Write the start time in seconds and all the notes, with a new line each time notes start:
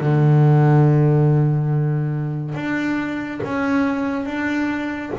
0.00 D3
2.54 D4
3.43 C#4
4.25 D4